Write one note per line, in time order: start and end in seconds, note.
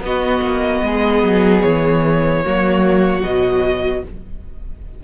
0.00 0.40 B3
0.00 2.44 B3
0.00 0.85 F#4
0.00 1.62 D#5
0.41 0.81 A#3
0.83 1.23 G#3
0.83 2.43 G#4
1.23 1.62 F#3
1.62 2.43 E3
1.62 3.22 C#5
2.43 3.22 F#3
2.43 3.22 A#3
2.43 4.03 F#4
3.22 4.02 B2
3.22 4.02 F#3
3.22 4.03 D#5